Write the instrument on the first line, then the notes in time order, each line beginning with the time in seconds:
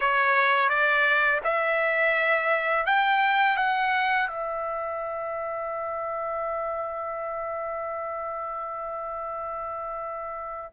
trumpet
0.00 C#5
0.69 D5
1.44 E5
2.85 G5
3.56 F#5
4.28 E5